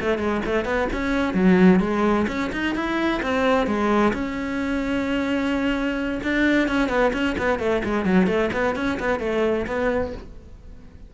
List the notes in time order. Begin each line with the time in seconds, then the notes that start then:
0.00 A3
0.18 G#3
0.45 A3
0.65 B3
0.92 C#4
1.34 F#3
1.80 G#3
2.27 C#4
2.52 D#4
2.75 E4
3.22 C4
3.67 G#3
4.13 C#4
6.23 D4
6.68 C#4
6.89 B3
7.13 C#4
7.38 B3
7.59 A3
7.84 G#3
8.05 F#3
8.27 A3
8.53 B3
8.75 C#4
8.99 B3
9.20 A3
9.67 B3